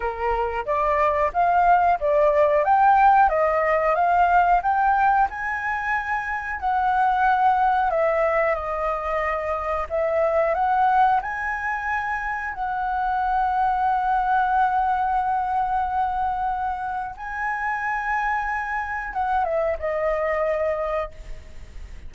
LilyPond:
\new Staff \with { instrumentName = "flute" } { \time 4/4 \tempo 4 = 91 ais'4 d''4 f''4 d''4 | g''4 dis''4 f''4 g''4 | gis''2 fis''2 | e''4 dis''2 e''4 |
fis''4 gis''2 fis''4~ | fis''1~ | fis''2 gis''2~ | gis''4 fis''8 e''8 dis''2 | }